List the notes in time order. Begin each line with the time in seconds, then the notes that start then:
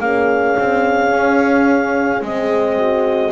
0.00 A#3 C#4 G#4 F5
0.59 C4
1.11 C#4
2.21 G#3 C4 D#5
2.78 F#4